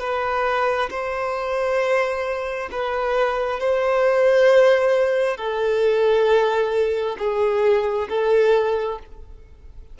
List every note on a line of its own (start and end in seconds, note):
0.00 0.90 B4
0.90 2.69 C5
2.72 3.60 B4
3.60 5.37 C5
5.37 7.16 A4
7.18 8.08 G#4
8.09 8.99 A4